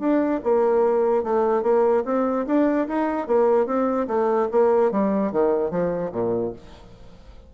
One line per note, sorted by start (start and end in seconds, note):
0.00 0.41 D4
0.44 1.24 A#3
1.24 1.63 A3
1.63 2.04 A#3
2.05 2.46 C4
2.47 2.88 D4
2.88 3.27 D#4
3.27 3.67 A#3
3.67 4.07 C4
4.08 4.49 A3
4.52 4.92 A#3
4.92 5.32 G3
5.32 5.71 D#3
5.71 6.12 F3
6.12 6.53 A#2